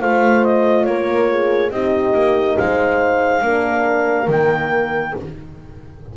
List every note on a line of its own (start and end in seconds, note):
0.00 0.86 A3
0.00 1.72 F4
0.00 0.86 C5
0.00 0.44 F5
0.44 0.84 D#5
0.84 1.71 A#3
0.84 1.29 A#4
0.84 1.70 C#5
1.30 1.72 G#4
1.71 2.13 C4
1.71 3.42 D#4
1.71 2.57 G4
1.71 2.57 D#5
2.14 2.56 A#3
2.57 3.42 G#3
2.57 3.44 C5
2.57 4.28 F5
3.42 4.27 A#3
3.42 4.27 D4
3.42 5.15 A#4
4.27 5.13 D#3
4.27 5.15 A#3
4.27 5.16 G5